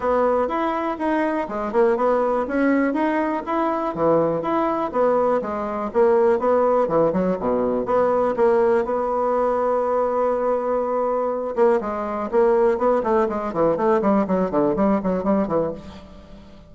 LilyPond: \new Staff \with { instrumentName = "bassoon" } { \time 4/4 \tempo 4 = 122 b4 e'4 dis'4 gis8 ais8 | b4 cis'4 dis'4 e'4 | e4 e'4 b4 gis4 | ais4 b4 e8 fis8 b,4 |
b4 ais4 b2~ | b2.~ b8 ais8 | gis4 ais4 b8 a8 gis8 e8 | a8 g8 fis8 d8 g8 fis8 g8 e8 | }